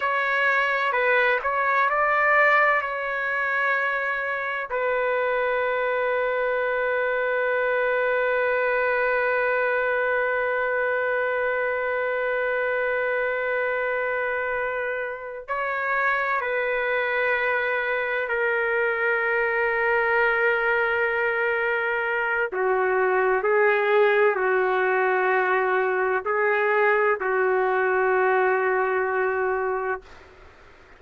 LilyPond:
\new Staff \with { instrumentName = "trumpet" } { \time 4/4 \tempo 4 = 64 cis''4 b'8 cis''8 d''4 cis''4~ | cis''4 b'2.~ | b'1~ | b'1~ |
b'8 cis''4 b'2 ais'8~ | ais'1 | fis'4 gis'4 fis'2 | gis'4 fis'2. | }